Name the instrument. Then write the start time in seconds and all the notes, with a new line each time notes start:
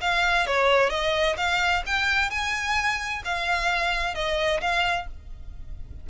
violin
0.00 F5
0.46 C#5
0.90 D#5
1.37 F5
1.86 G5
2.30 G#5
3.24 F5
4.14 D#5
4.60 F5